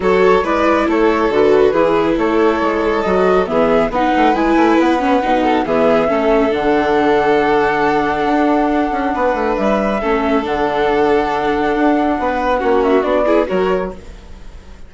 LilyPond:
<<
  \new Staff \with { instrumentName = "flute" } { \time 4/4 \tempo 4 = 138 cis''4 d''4 cis''4 b'4~ | b'4 cis''2 dis''4 | e''4 fis''4 gis''4 fis''4~ | fis''4 e''2 fis''4~ |
fis''1~ | fis''2 e''2 | fis''1~ | fis''4. e''8 d''4 cis''4 | }
  \new Staff \with { instrumentName = "violin" } { \time 4/4 a'4 b'4 a'2 | gis'4 a'2. | gis'4 b'2.~ | b'8 a'8 gis'4 a'2~ |
a'1~ | a'4 b'2 a'4~ | a'1 | b'4 fis'4. gis'8 ais'4 | }
  \new Staff \with { instrumentName = "viola" } { \time 4/4 fis'4 e'2 fis'4 | e'2. fis'4 | b4 dis'4 e'4. cis'8 | dis'4 b4 cis'4 d'4~ |
d'1~ | d'2. cis'4 | d'1~ | d'4 cis'4 d'8 e'8 fis'4 | }
  \new Staff \with { instrumentName = "bassoon" } { \time 4/4 fis4 gis4 a4 d4 | e4 a4 gis4 fis4 | e4 b8 a8 gis8 a8 b4 | b,4 e4 a4 d4~ |
d2. d'4~ | d'8 cis'8 b8 a8 g4 a4 | d2. d'4 | b4 ais4 b4 fis4 | }
>>